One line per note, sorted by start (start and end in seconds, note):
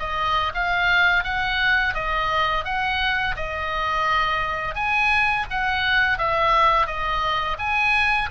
0.00 0.53 D#5
0.55 1.24 F5
1.24 1.95 F#5
1.95 2.65 D#5
2.65 3.36 F#5
3.37 4.76 D#5
4.76 5.46 G#5
5.51 6.19 F#5
6.19 6.87 E5
6.87 7.58 D#5
7.59 8.30 G#5